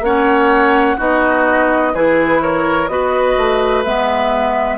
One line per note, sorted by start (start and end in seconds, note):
0.00 0.95 A#3
0.00 0.97 C#4
0.00 0.96 C#5
0.00 0.99 F#5
0.96 1.94 B3
0.96 1.92 D#4
0.96 1.92 F#4
0.96 1.94 D#5
1.94 2.88 E3
1.94 2.88 E4
1.94 2.41 G#4
1.94 2.42 B4
2.41 2.89 A#4
2.41 2.87 C#5
2.87 3.36 B3
2.87 3.84 F#4
2.87 4.77 B4
2.87 3.83 D#5
3.37 3.84 A3
3.83 4.77 G#3
3.83 4.77 B3
3.83 4.77 E5